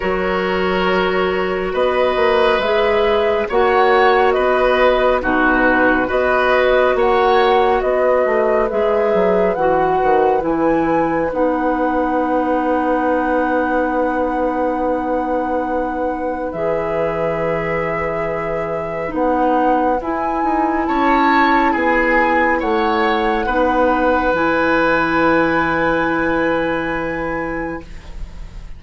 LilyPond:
<<
  \new Staff \with { instrumentName = "flute" } { \time 4/4 \tempo 4 = 69 cis''2 dis''4 e''4 | fis''4 dis''4 b'4 dis''4 | fis''4 dis''4 e''4 fis''4 | gis''4 fis''2.~ |
fis''2. e''4~ | e''2 fis''4 gis''4 | a''4 gis''4 fis''2 | gis''1 | }
  \new Staff \with { instrumentName = "oboe" } { \time 4/4 ais'2 b'2 | cis''4 b'4 fis'4 b'4 | cis''4 b'2.~ | b'1~ |
b'1~ | b'1 | cis''4 gis'4 cis''4 b'4~ | b'1 | }
  \new Staff \with { instrumentName = "clarinet" } { \time 4/4 fis'2. gis'4 | fis'2 dis'4 fis'4~ | fis'2 gis'4 fis'4 | e'4 dis'2.~ |
dis'2. gis'4~ | gis'2 dis'4 e'4~ | e'2. dis'4 | e'1 | }
  \new Staff \with { instrumentName = "bassoon" } { \time 4/4 fis2 b8 ais8 gis4 | ais4 b4 b,4 b4 | ais4 b8 a8 gis8 fis8 e8 dis8 | e4 b2.~ |
b2. e4~ | e2 b4 e'8 dis'8 | cis'4 b4 a4 b4 | e1 | }
>>